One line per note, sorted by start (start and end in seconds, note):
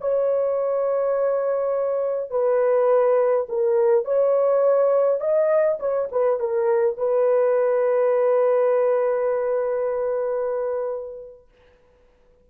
0.00 2.30 C#5
2.30 3.46 B4
3.48 4.04 A#4
4.04 5.20 C#5
5.20 5.78 D#5
5.79 6.08 C#5
6.11 6.39 B4
6.39 6.97 A#4
6.97 11.48 B4